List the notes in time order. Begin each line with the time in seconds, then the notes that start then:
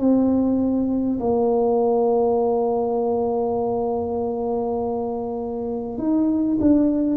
0.00 C4
1.20 A#3
5.98 D#4
6.61 D4